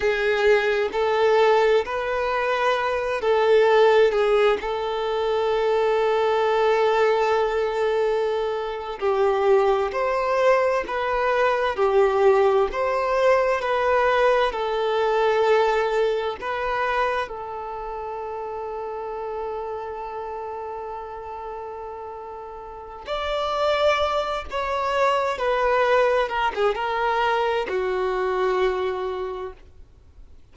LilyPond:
\new Staff \with { instrumentName = "violin" } { \time 4/4 \tempo 4 = 65 gis'4 a'4 b'4. a'8~ | a'8 gis'8 a'2.~ | a'4.~ a'16 g'4 c''4 b'16~ | b'8. g'4 c''4 b'4 a'16~ |
a'4.~ a'16 b'4 a'4~ a'16~ | a'1~ | a'4 d''4. cis''4 b'8~ | b'8 ais'16 gis'16 ais'4 fis'2 | }